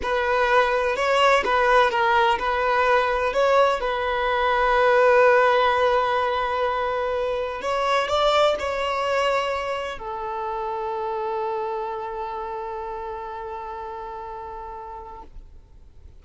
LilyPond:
\new Staff \with { instrumentName = "violin" } { \time 4/4 \tempo 4 = 126 b'2 cis''4 b'4 | ais'4 b'2 cis''4 | b'1~ | b'1 |
cis''4 d''4 cis''2~ | cis''4 a'2.~ | a'1~ | a'1 | }